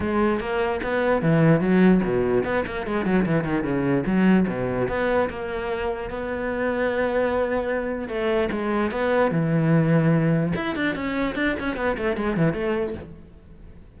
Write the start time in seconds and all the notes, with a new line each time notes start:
0.00 G#3
0.39 A#3
0.83 B3
1.22 E3
1.60 F#3
2.03 B2
2.44 B3
2.66 A#3
2.86 G#3
3.05 F#3
3.25 E3
3.43 D#3
3.63 C#3
4.06 F#3
4.47 B2
4.88 B3
5.29 A#3
6.10 B3
8.08 A3
8.51 G#3
8.91 B3
9.31 E3
10.55 E4
10.75 D4
10.95 C#4
11.35 D4
11.59 C#4
11.76 B3
11.97 A3
12.16 G#3
12.36 E3
12.53 A3